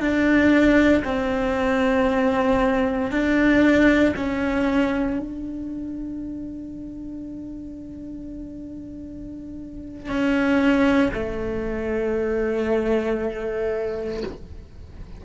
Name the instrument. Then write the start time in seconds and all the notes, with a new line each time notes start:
cello
0.00 D4
1.04 C4
3.11 D4
4.16 C#4
5.20 D4
10.09 C#4
11.13 A3